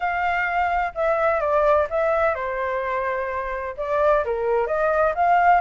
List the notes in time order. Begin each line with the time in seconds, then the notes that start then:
0.00 F5
0.94 E5
1.40 D5
1.90 E5
2.35 C5
3.77 D5
4.24 A#4
4.66 D#5
5.14 F5